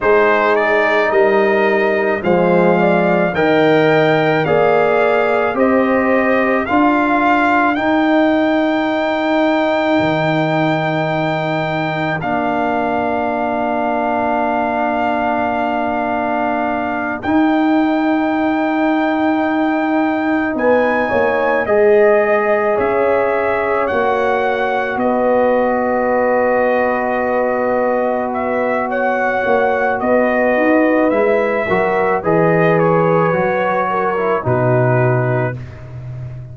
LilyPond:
<<
  \new Staff \with { instrumentName = "trumpet" } { \time 4/4 \tempo 4 = 54 c''8 d''8 dis''4 f''4 g''4 | f''4 dis''4 f''4 g''4~ | g''2. f''4~ | f''2.~ f''8 g''8~ |
g''2~ g''8 gis''4 dis''8~ | dis''8 e''4 fis''4 dis''4.~ | dis''4. e''8 fis''4 dis''4 | e''4 dis''8 cis''4. b'4 | }
  \new Staff \with { instrumentName = "horn" } { \time 4/4 gis'4 ais'4 c''8 d''8 dis''4 | d''4 c''4 ais'2~ | ais'1~ | ais'1~ |
ais'2~ ais'8 b'8 cis''8 dis''8~ | dis''8 cis''2 b'4.~ | b'2 cis''4 b'4~ | b'8 ais'8 b'4. ais'8 fis'4 | }
  \new Staff \with { instrumentName = "trombone" } { \time 4/4 dis'2 gis4 ais'4 | gis'4 g'4 f'4 dis'4~ | dis'2. d'4~ | d'2.~ d'8 dis'8~ |
dis'2.~ dis'8 gis'8~ | gis'4. fis'2~ fis'8~ | fis'1 | e'8 fis'8 gis'4 fis'8. e'16 dis'4 | }
  \new Staff \with { instrumentName = "tuba" } { \time 4/4 gis4 g4 f4 dis4 | ais4 c'4 d'4 dis'4~ | dis'4 dis2 ais4~ | ais2.~ ais8 dis'8~ |
dis'2~ dis'8 b8 ais8 gis8~ | gis8 cis'4 ais4 b4.~ | b2~ b8 ais8 b8 dis'8 | gis8 fis8 e4 fis4 b,4 | }
>>